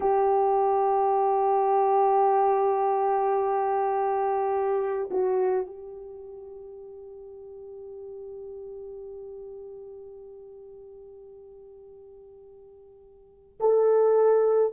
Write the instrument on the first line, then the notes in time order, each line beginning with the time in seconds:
horn
0.00 G4
5.10 F#4
5.66 G4
13.60 A4